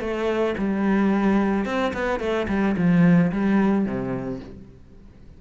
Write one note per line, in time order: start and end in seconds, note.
0.00 0.55 A3
0.58 1.65 G3
1.65 1.92 C4
1.93 2.20 B3
2.20 2.47 A3
2.48 2.76 G3
2.77 3.31 F3
3.32 3.86 G3
3.86 4.40 C3